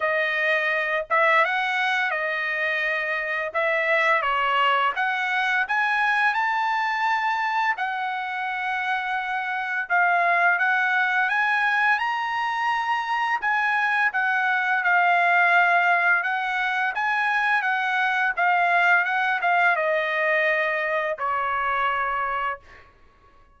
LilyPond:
\new Staff \with { instrumentName = "trumpet" } { \time 4/4 \tempo 4 = 85 dis''4. e''8 fis''4 dis''4~ | dis''4 e''4 cis''4 fis''4 | gis''4 a''2 fis''4~ | fis''2 f''4 fis''4 |
gis''4 ais''2 gis''4 | fis''4 f''2 fis''4 | gis''4 fis''4 f''4 fis''8 f''8 | dis''2 cis''2 | }